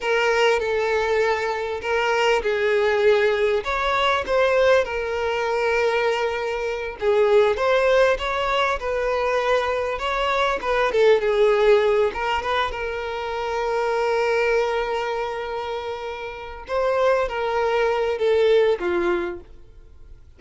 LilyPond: \new Staff \with { instrumentName = "violin" } { \time 4/4 \tempo 4 = 99 ais'4 a'2 ais'4 | gis'2 cis''4 c''4 | ais'2.~ ais'8 gis'8~ | gis'8 c''4 cis''4 b'4.~ |
b'8 cis''4 b'8 a'8 gis'4. | ais'8 b'8 ais'2.~ | ais'2.~ ais'8 c''8~ | c''8 ais'4. a'4 f'4 | }